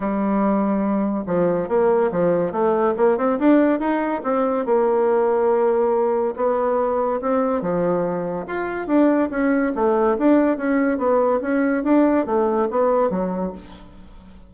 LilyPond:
\new Staff \with { instrumentName = "bassoon" } { \time 4/4 \tempo 4 = 142 g2. f4 | ais4 f4 a4 ais8 c'8 | d'4 dis'4 c'4 ais4~ | ais2. b4~ |
b4 c'4 f2 | f'4 d'4 cis'4 a4 | d'4 cis'4 b4 cis'4 | d'4 a4 b4 fis4 | }